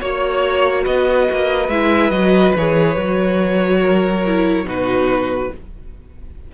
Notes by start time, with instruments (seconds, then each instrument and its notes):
0.00 cello A#3, viola F#4, violin C#5
0.83 cello B3, violin B4 D#5
1.31 cello A#3
1.68 cello G#3, viola E4, violin E5
2.10 cello F#3, viola F#4, violin D#5
2.56 cello E3, viola G#4, violin C#5
2.96 cello F#3, viola F#4
3.81 violin A#4
4.26 viola E4
4.63 cello B2, viola D#4, violin F#4 B4